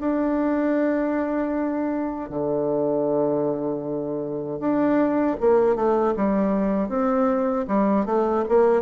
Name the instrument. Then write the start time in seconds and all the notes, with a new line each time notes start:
bassoon
0.00 D4
2.30 D3
4.59 D4
5.40 A#3
5.76 A3
6.16 G3
6.89 C4
7.67 G3
8.06 A3
8.49 A#3